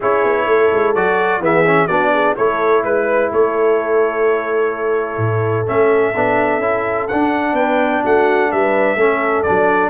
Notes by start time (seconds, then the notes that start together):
0.00 C#4 E4 G#4 C#5
0.23 B3
0.46 A3 A4
0.73 G#3
0.95 F#3 F#4 D5
1.40 E3 B3 G#4 E5
1.65 C#4
1.87 B3 D4 F#4 D5
2.12 G#4
2.36 A3 E4 A4 C#5
2.83 G#3 B4
3.32 A3 A4 C#5
5.17 A2
5.66 A3 C#4 E5
6.15 B3 D4
6.58 C#4 E4
7.08 D4 F#5
7.52 B3 B4 G5
8.04 A3 F#4 F#5
8.51 G3 B4 E5
8.95 A3 C#4 A4
9.42 D4 D5
9.49 F#3